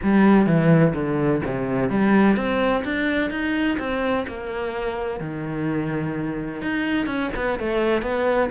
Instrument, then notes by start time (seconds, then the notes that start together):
cello
0.02 G3
0.46 E3
0.94 D3
1.45 C3
1.89 G3
2.36 C4
2.84 D4
3.30 D#4
3.78 C4
4.27 A#3
5.20 D#3
6.61 D#4
7.06 C#4
7.35 B3
7.59 A3
8.02 B3